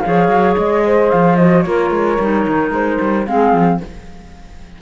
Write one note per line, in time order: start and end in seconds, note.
0.00 0.28 F3
0.00 1.38 G#4
0.00 0.85 C#5
0.00 0.54 F5
0.28 0.55 F#3
0.57 1.11 G#3
0.57 1.10 D#5
0.85 1.66 C5
1.10 1.65 F3
1.10 1.35 F5
1.35 1.64 F#4
1.35 1.62 D#5
1.62 1.90 A#3
1.62 2.18 F4
1.62 3.27 A#4
1.62 2.70 C#5
1.90 2.17 G#3
2.19 2.46 G3
2.19 3.26 D#4
2.47 2.70 D#3
2.70 2.98 G#3
2.70 3.26 C5
3.00 3.27 G3
3.26 3.53 G#3
3.26 3.80 C4
3.26 3.81 G#4
3.26 3.80 F5
3.53 3.80 F3